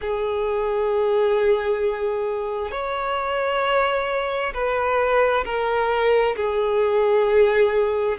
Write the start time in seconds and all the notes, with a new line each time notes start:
0.01 G#4
2.71 C#5
4.53 B4
5.44 A#4
6.36 G#4